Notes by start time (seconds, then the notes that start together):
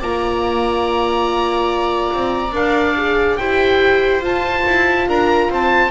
0.00 A#3 F4 D5 A#5
2.13 C4
2.52 D4 A#4 F5
2.96 G#4
3.36 E4 G4 C5 G5
4.21 F4 A5
4.67 E4
5.08 D4 A#4 A#5
5.49 C4 C5 A5